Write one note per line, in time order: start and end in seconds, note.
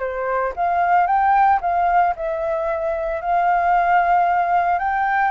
0.00 0.53 C5
0.56 1.07 F5
1.07 1.60 G5
1.61 2.15 F5
2.16 3.21 E5
3.21 4.79 F5
4.79 5.31 G5